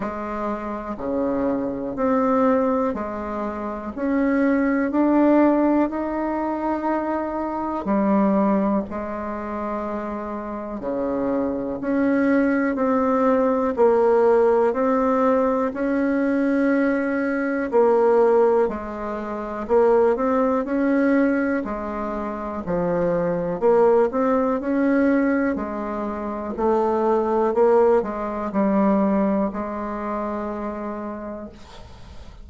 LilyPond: \new Staff \with { instrumentName = "bassoon" } { \time 4/4 \tempo 4 = 61 gis4 cis4 c'4 gis4 | cis'4 d'4 dis'2 | g4 gis2 cis4 | cis'4 c'4 ais4 c'4 |
cis'2 ais4 gis4 | ais8 c'8 cis'4 gis4 f4 | ais8 c'8 cis'4 gis4 a4 | ais8 gis8 g4 gis2 | }